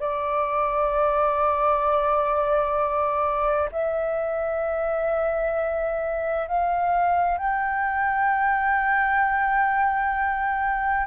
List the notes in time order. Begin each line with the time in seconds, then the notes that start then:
0.00 D5
3.72 E5
6.48 F5
7.38 G5